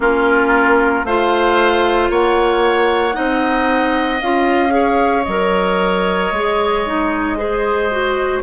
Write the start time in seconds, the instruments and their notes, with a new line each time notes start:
0.00 bassoon A#3, clarinet C#4, oboe F4, flute A#4
1.04 bassoon A3, clarinet F4, oboe C5, flute F5
2.09 bassoon A#3, oboe C#5, flute F#5
3.12 bassoon C4, clarinet D#4, oboe D#5
4.21 bassoon C#4, clarinet F4, flute F5
4.69 clarinet G#4, oboe C#5
5.23 bassoon F#3, clarinet A#4, flute D#5
6.31 bassoon G#3, clarinet G#4
6.86 clarinet D#4
7.36 clarinet G#4, oboe C5
7.90 clarinet F#4